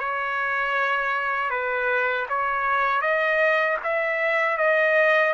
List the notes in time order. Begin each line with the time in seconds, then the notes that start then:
0.00 C#5
1.51 B4
2.29 C#5
3.02 D#5
3.84 E5
4.58 D#5